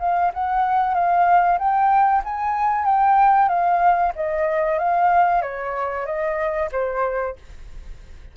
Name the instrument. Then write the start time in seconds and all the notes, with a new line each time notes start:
flute
0.00 F5
0.34 F#5
0.94 F5
1.59 G5
2.24 G#5
2.85 G5
3.49 F5
4.15 D#5
4.79 F5
5.42 C#5
6.06 D#5
6.72 C5